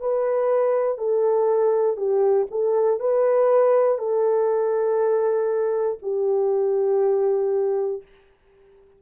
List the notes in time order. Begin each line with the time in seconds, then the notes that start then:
0.00 B4
0.98 A4
1.97 G4
2.51 A4
3.00 B4
3.99 A4
6.02 G4